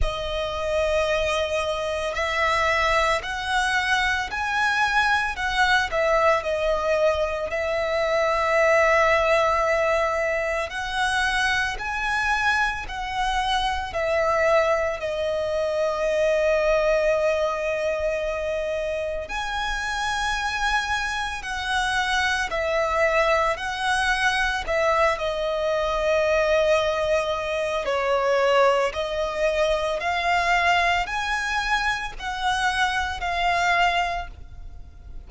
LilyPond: \new Staff \with { instrumentName = "violin" } { \time 4/4 \tempo 4 = 56 dis''2 e''4 fis''4 | gis''4 fis''8 e''8 dis''4 e''4~ | e''2 fis''4 gis''4 | fis''4 e''4 dis''2~ |
dis''2 gis''2 | fis''4 e''4 fis''4 e''8 dis''8~ | dis''2 cis''4 dis''4 | f''4 gis''4 fis''4 f''4 | }